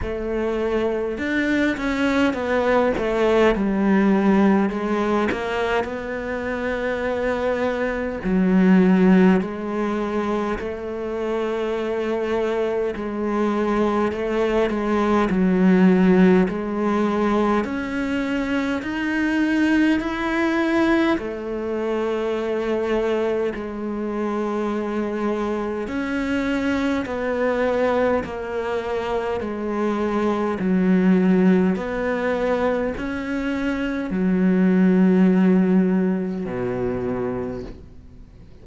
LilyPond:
\new Staff \with { instrumentName = "cello" } { \time 4/4 \tempo 4 = 51 a4 d'8 cis'8 b8 a8 g4 | gis8 ais8 b2 fis4 | gis4 a2 gis4 | a8 gis8 fis4 gis4 cis'4 |
dis'4 e'4 a2 | gis2 cis'4 b4 | ais4 gis4 fis4 b4 | cis'4 fis2 b,4 | }